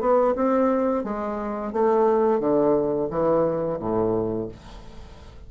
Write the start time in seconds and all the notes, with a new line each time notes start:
0.00 B3
0.35 C4
1.03 G#3
1.72 A3
2.39 D3
3.10 E3
3.79 A2